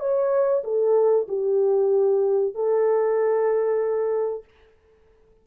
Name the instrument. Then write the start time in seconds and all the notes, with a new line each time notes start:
horn
0.00 C#5
0.64 A4
1.29 G4
2.55 A4